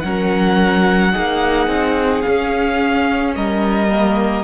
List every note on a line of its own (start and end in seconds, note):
0.00 1.15 F#3
0.00 1.13 C#4
0.00 1.12 A#4
0.00 2.22 F#5
1.12 1.68 A#3
1.12 2.23 D#4
1.12 3.35 G#4
1.68 2.23 C4
2.22 3.90 C#4
2.22 3.33 F5
2.28 3.36 C#4
3.36 4.44 G3
3.36 4.44 A#4
3.36 4.44 D#5
3.90 4.44 A#3